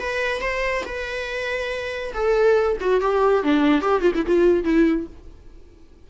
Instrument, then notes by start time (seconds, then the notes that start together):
viola
0.00 B4
0.42 C5
0.85 B4
2.14 A4
2.81 F#4
3.01 G4
3.44 D4
3.82 G4
4.02 F4
4.15 E4
4.27 F4
4.64 E4